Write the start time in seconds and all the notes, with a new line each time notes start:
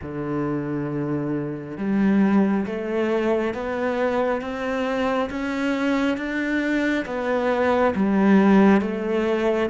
0.02 D3
1.77 G3
2.66 A3
3.54 B3
4.41 C4
5.29 C#4
6.17 D4
7.05 B3
7.95 G3
8.81 A3